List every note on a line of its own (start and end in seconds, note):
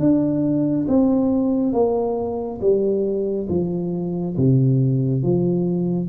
0.00 0.87 D4
0.88 1.73 C4
1.73 2.60 A#3
2.61 3.48 G3
3.49 4.36 F3
4.37 5.23 C3
5.23 6.09 F3